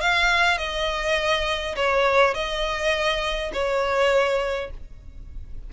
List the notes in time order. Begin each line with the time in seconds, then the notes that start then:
0.00 F5
0.57 D#5
1.75 C#5
2.34 D#5
3.53 C#5